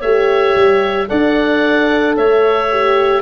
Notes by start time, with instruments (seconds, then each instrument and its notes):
0.00 tuba A3, horn G4, clarinet C#5, oboe E5
0.56 tuba G3
1.09 tuba D4, horn A4, clarinet D5, oboe F#5
2.17 tuba A3, clarinet C#5, oboe E5
2.71 horn G4